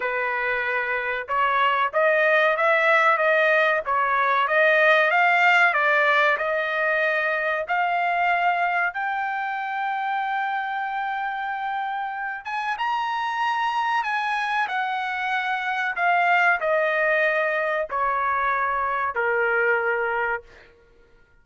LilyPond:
\new Staff \with { instrumentName = "trumpet" } { \time 4/4 \tempo 4 = 94 b'2 cis''4 dis''4 | e''4 dis''4 cis''4 dis''4 | f''4 d''4 dis''2 | f''2 g''2~ |
g''2.~ g''8 gis''8 | ais''2 gis''4 fis''4~ | fis''4 f''4 dis''2 | cis''2 ais'2 | }